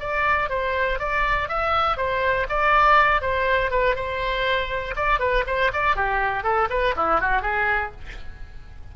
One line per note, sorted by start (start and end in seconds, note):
0.00 0.50 D5
0.50 0.99 C5
0.99 1.49 D5
1.49 1.97 E5
1.97 2.47 C5
2.49 3.22 D5
3.22 3.71 C5
3.71 3.95 B4
3.96 4.95 C5
4.96 5.20 D5
5.20 5.44 B4
5.47 5.72 C5
5.73 5.96 D5
5.96 6.44 G4
6.44 6.69 A4
6.70 6.95 B4
6.96 7.21 E4
7.21 7.42 F#4
7.42 7.92 G#4